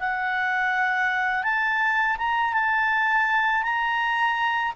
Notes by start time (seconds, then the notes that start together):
0.00 F#5
1.44 A5
2.18 A#5
2.54 A5
3.63 A#5